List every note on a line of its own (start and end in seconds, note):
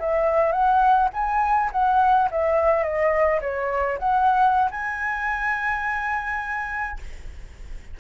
0.00 0.52 E5
0.52 1.09 F#5
1.14 1.71 G#5
1.72 2.30 F#5
2.31 2.84 E5
2.84 3.41 D#5
3.42 3.99 C#5
3.99 4.71 F#5
4.71 7.00 G#5